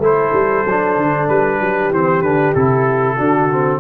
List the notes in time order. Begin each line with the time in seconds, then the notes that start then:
0.00 A3 E4 A4 C5
0.34 G3
0.66 F#3 D4
0.97 D3
1.29 G3 B4
1.61 F#3 G4
1.91 E3 C4 C5
2.22 D3 D4 B4
2.55 C3 E4 A4
3.17 D3 D4 F#4
3.52 C4